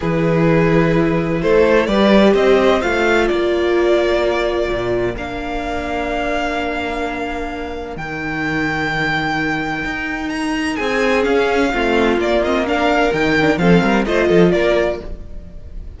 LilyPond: <<
  \new Staff \with { instrumentName = "violin" } { \time 4/4 \tempo 4 = 128 b'2. c''4 | d''4 dis''4 f''4 d''4~ | d''2. f''4~ | f''1~ |
f''4 g''2.~ | g''2 ais''4 gis''4 | f''2 d''8 dis''8 f''4 | g''4 f''4 dis''4 d''4 | }
  \new Staff \with { instrumentName = "violin" } { \time 4/4 gis'2. a'4 | b'4 c''2 ais'4~ | ais'1~ | ais'1~ |
ais'1~ | ais'2. gis'4~ | gis'4 f'2 ais'4~ | ais'4 a'8 ais'8 c''8 a'8 ais'4 | }
  \new Staff \with { instrumentName = "viola" } { \time 4/4 e'1 | g'2 f'2~ | f'2. d'4~ | d'1~ |
d'4 dis'2.~ | dis'1 | cis'4 c'4 ais8 c'8 d'4 | dis'8 d'8 c'4 f'2 | }
  \new Staff \with { instrumentName = "cello" } { \time 4/4 e2. a4 | g4 c'4 a4 ais4~ | ais2 ais,4 ais4~ | ais1~ |
ais4 dis2.~ | dis4 dis'2 c'4 | cis'4 a4 ais2 | dis4 f8 g8 a8 f8 ais4 | }
>>